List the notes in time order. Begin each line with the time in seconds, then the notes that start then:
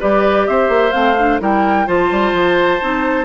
0.00 G3 G4 B4 D5
0.47 C4 C5 E5
0.69 A#3
0.92 A3 C4 F5
1.18 D4
1.40 G3 E4 A#4 G5
1.86 F3 F4 C5 A5
2.11 G3
2.33 F3
2.81 C4 D#4